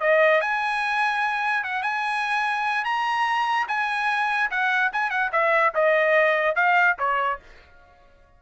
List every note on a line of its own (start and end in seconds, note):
0.00 0.41 D#5
0.41 1.64 G#5
1.64 1.83 F#5
1.83 2.84 G#5
2.84 3.67 A#5
3.68 4.50 G#5
4.50 4.91 F#5
4.92 5.10 G#5
5.10 5.31 F#5
5.32 5.73 E5
5.74 6.55 D#5
6.55 6.96 F5
6.98 7.39 C#5